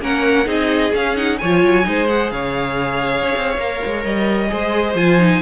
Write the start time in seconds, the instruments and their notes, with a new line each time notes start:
0.00 cello A#3, viola C#4, violin A#4 F#5
0.45 cello C4, viola D#4, violin G#4 D#5
0.93 cello C#4, viola C#4, violin F5
1.16 viola D#4, violin F#5
1.38 cello F3, violin C#5 G#5
1.45 viola F4
1.64 cello F#3
1.84 cello G#3, viola D#4, violin C5
2.08 viola G#4, violin F#5
2.31 cello C#3, violin C#5 F5
3.23 cello C#4
3.36 cello C4
3.57 cello A#3, viola A#4
3.85 cello G#3
4.05 cello G3, violin D#5
4.49 cello G#3, viola G#4, violin C5
4.95 cello F3, viola F4, violin G#5
5.19 viola D#4